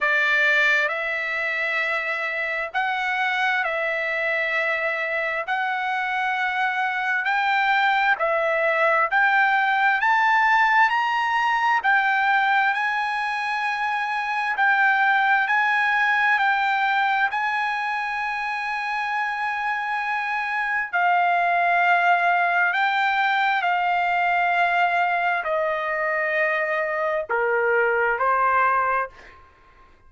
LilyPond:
\new Staff \with { instrumentName = "trumpet" } { \time 4/4 \tempo 4 = 66 d''4 e''2 fis''4 | e''2 fis''2 | g''4 e''4 g''4 a''4 | ais''4 g''4 gis''2 |
g''4 gis''4 g''4 gis''4~ | gis''2. f''4~ | f''4 g''4 f''2 | dis''2 ais'4 c''4 | }